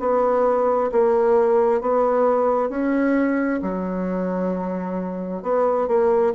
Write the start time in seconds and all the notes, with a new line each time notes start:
0.00 B3
0.92 A#3
1.81 B3
2.69 C#4
3.63 F#3
5.43 B3
5.88 A#3